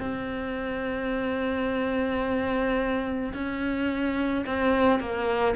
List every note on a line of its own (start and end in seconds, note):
0.00 3.33 C4
3.34 4.45 C#4
4.46 4.99 C4
4.99 5.55 A#3